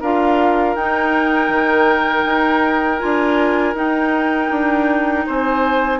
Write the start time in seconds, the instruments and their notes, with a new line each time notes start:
0.00 bassoon D4, clarinet F4, oboe A#4, flute F5
0.75 bassoon D#4, clarinet D#4, flute G5
1.48 bassoon D#3
2.25 bassoon D#4
2.99 bassoon D4, clarinet F4, flute G#5
3.74 bassoon D#4, clarinet D#4, flute G5
4.50 bassoon D4
5.26 bassoon C4, oboe C5, flute G#5